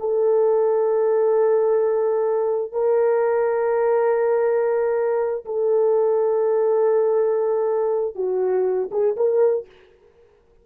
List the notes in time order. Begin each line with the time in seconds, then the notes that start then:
0.00 A4
2.73 A#4
5.46 A4
8.15 F#4
8.91 G#4
9.17 A#4